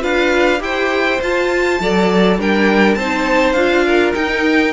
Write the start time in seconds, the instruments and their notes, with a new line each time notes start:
0.00 cello D4, viola F4, violin B4 F5
0.59 cello E4, viola G4, violin C5 G5
1.21 cello F4, viola F4, violin A5
1.80 cello F#3, viola A4, violin D5
2.38 cello G3, viola D4, violin A#4 G5
2.95 cello C4, viola D#4, violin C5 A5
3.53 cello D4, viola F4, violin F5
3.86 violin A#4
4.14 viola D#4, cello D#4, violin G5